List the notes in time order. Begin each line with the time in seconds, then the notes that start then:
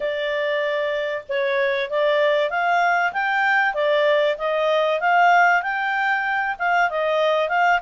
0.00 D5
1.28 C#5
1.89 D5
2.50 F5
3.12 G5
3.74 D5
4.38 D#5
5.00 F5
5.62 G5
6.58 F5
6.89 D#5
7.48 F5